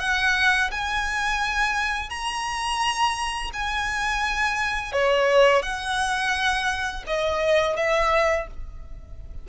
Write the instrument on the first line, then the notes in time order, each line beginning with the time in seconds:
violin
0.00 F#5
0.71 G#5
2.10 A#5
3.53 G#5
4.93 C#5
5.63 F#5
7.07 D#5
7.77 E5